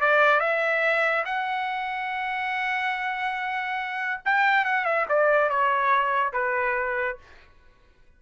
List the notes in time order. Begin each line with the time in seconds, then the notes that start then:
0.00 D5
0.40 E5
1.25 F#5
4.25 G5
4.64 F#5
4.85 E5
5.09 D5
5.49 C#5
6.32 B4